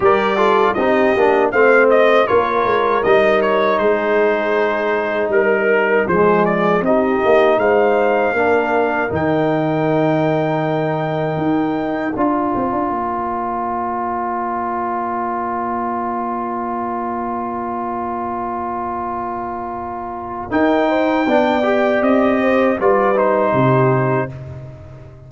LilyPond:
<<
  \new Staff \with { instrumentName = "trumpet" } { \time 4/4 \tempo 4 = 79 d''4 dis''4 f''8 dis''8 cis''4 | dis''8 cis''8 c''2 ais'4 | c''8 d''8 dis''4 f''2 | g''1 |
ais''1~ | ais''1~ | ais''2. g''4~ | g''4 dis''4 d''8 c''4. | }
  \new Staff \with { instrumentName = "horn" } { \time 4/4 ais'8 a'8 g'4 c''4 ais'4~ | ais'4 gis'2 ais'4 | gis'4 g'4 c''4 ais'4~ | ais'1 |
d''1~ | d''1~ | d''2. ais'8 c''8 | d''4. c''8 b'4 g'4 | }
  \new Staff \with { instrumentName = "trombone" } { \time 4/4 g'8 f'8 dis'8 d'8 c'4 f'4 | dis'1 | gis4 dis'2 d'4 | dis'1 |
f'1~ | f'1~ | f'2. dis'4 | d'8 g'4. f'8 dis'4. | }
  \new Staff \with { instrumentName = "tuba" } { \time 4/4 g4 c'8 ais8 a4 ais8 gis8 | g4 gis2 g4 | f4 c'8 ais8 gis4 ais4 | dis2. dis'4 |
d'8 c'16 d'16 ais2.~ | ais1~ | ais2. dis'4 | b4 c'4 g4 c4 | }
>>